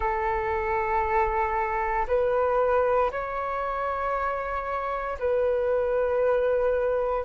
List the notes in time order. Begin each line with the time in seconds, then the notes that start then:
0.00 A4
2.07 B4
3.11 C#5
5.19 B4